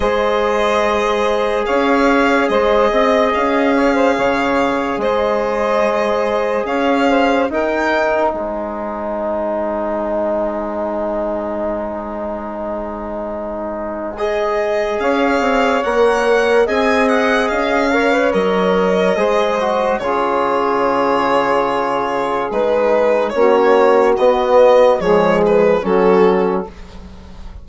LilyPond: <<
  \new Staff \with { instrumentName = "violin" } { \time 4/4 \tempo 4 = 72 dis''2 f''4 dis''4 | f''2 dis''2 | f''4 g''4 gis''2~ | gis''1~ |
gis''4 dis''4 f''4 fis''4 | gis''8 fis''8 f''4 dis''2 | cis''2. b'4 | cis''4 dis''4 cis''8 b'8 a'4 | }
  \new Staff \with { instrumentName = "saxophone" } { \time 4/4 c''2 cis''4 c''8 dis''8~ | dis''8 cis''16 c''16 cis''4 c''2 | cis''8 c''8 ais'4 c''2~ | c''1~ |
c''2 cis''2 | dis''4. cis''4. c''4 | gis'1 | fis'2 gis'4 fis'4 | }
  \new Staff \with { instrumentName = "trombone" } { \time 4/4 gis'1~ | gis'1~ | gis'4 dis'2.~ | dis'1~ |
dis'4 gis'2 ais'4 | gis'4. ais'16 b'16 ais'4 gis'8 fis'8 | f'2. dis'4 | cis'4 b4 gis4 cis'4 | }
  \new Staff \with { instrumentName = "bassoon" } { \time 4/4 gis2 cis'4 gis8 c'8 | cis'4 cis4 gis2 | cis'4 dis'4 gis2~ | gis1~ |
gis2 cis'8 c'8 ais4 | c'4 cis'4 fis4 gis4 | cis2. gis4 | ais4 b4 f4 fis4 | }
>>